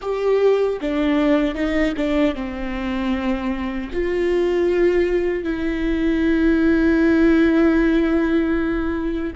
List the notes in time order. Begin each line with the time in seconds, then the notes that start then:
0.01 G4
0.80 D4
1.54 D#4
1.96 D4
2.34 C4
3.92 F4
5.43 E4